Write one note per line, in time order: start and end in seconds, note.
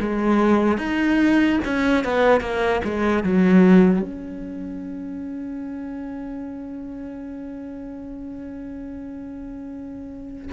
0.00 0.77 G#3
0.77 1.58 D#4
1.64 2.04 C#4
2.04 2.41 B3
2.41 2.81 A#3
2.84 3.23 G#3
3.23 4.01 F#3
4.01 10.50 C#4